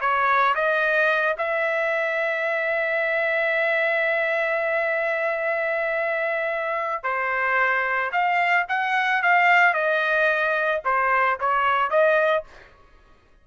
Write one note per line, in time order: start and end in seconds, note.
0.00 0.54 C#5
0.54 1.35 D#5
1.37 7.03 E5
7.03 8.11 C5
8.12 8.66 F5
8.68 9.22 F#5
9.22 9.73 F5
9.73 10.82 D#5
10.84 11.38 C5
11.39 11.90 C#5
11.90 12.44 D#5